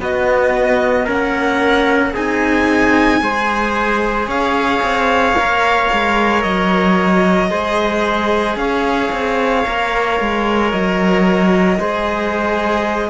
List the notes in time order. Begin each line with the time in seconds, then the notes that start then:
0.00 B3 F#4 D#5
1.05 A#3 C#4 A#4 F#5
2.14 C4 D#4 G#4 G#5
3.21 G#3 G#4 C5
4.28 C#4 C#5 F5
4.83 C4
5.33 A#3 A#4
5.93 G#3
6.43 F#3 D#5
7.51 G#3 G#4 C5
8.56 C#4 C#5 F5
9.12 C4
9.65 A#3 A#4
10.21 G#3
10.72 F#3 D#5
11.79 G#3 G#4 C5